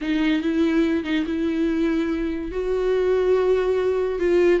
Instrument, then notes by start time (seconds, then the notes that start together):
viola
0.01 D#4
0.42 E4
1.04 D#4
1.26 E4
2.51 F#4
4.19 F4